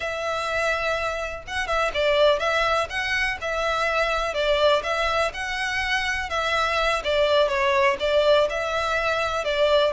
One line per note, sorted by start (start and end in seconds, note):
0.00 1.43 E5
1.47 1.67 F#5
1.67 1.91 E5
1.94 2.39 D5
2.39 2.87 E5
2.89 3.38 F#5
3.41 4.34 E5
4.34 4.82 D5
4.83 5.31 E5
5.33 6.29 F#5
6.29 7.02 E5
7.04 7.48 D5
7.48 7.96 C#5
7.99 8.48 D5
8.49 9.44 E5
9.44 9.92 D5